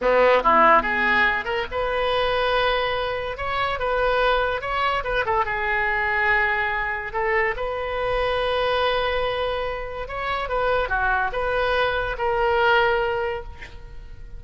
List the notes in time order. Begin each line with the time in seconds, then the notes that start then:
0.01 B3
0.43 E4
0.82 G#4
1.45 A#4
1.71 B4
3.37 C#5
3.79 B4
4.61 C#5
5.03 B4
5.25 A4
5.45 G#4
7.13 A4
7.56 B4
10.07 C#5
10.49 B4
10.89 F#4
11.32 B4
12.18 A#4